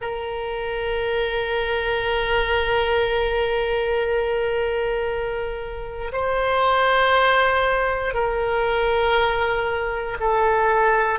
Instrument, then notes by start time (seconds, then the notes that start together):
oboe
0.01 A#4
6.12 C5
8.14 A#4
10.20 A4